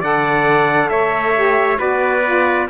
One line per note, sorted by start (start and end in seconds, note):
0.00 0.89 D3
0.00 1.34 A4
0.00 0.88 D5
0.00 0.89 F#5
0.89 1.78 A3
0.89 1.78 C#5
0.89 1.77 E5
1.35 1.76 G4
1.76 2.68 B3
1.76 2.21 F#4
1.76 2.67 B4
1.76 2.68 D5
2.24 2.68 F4